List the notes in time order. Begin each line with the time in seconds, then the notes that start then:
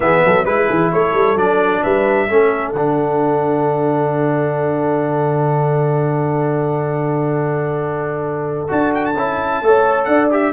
0.00 E3 B3 G#4 E5
0.25 F#3 A4
0.45 G#3 E4 B4
0.68 E3 G#4
0.92 A3 A4 C#5
1.14 G3
1.35 F#3 D4 D5
1.83 G3 B4 E5
2.29 A3 C#4 A4
2.71 D3 D4 F#5
8.68 D4 F#4 A5
8.94 G5
9.05 A5
9.16 C#4 E4
9.61 A3 A4 C#5
10.04 D4 D5 F#5
10.31 G4 E5